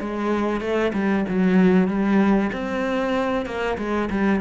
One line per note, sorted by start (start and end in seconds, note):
0.00 0.61 G#3
0.61 0.92 A3
0.93 1.25 G3
1.28 1.88 F#3
1.88 2.51 G3
2.53 3.46 C4
3.46 3.77 A#3
3.78 4.09 G#3
4.10 4.41 G3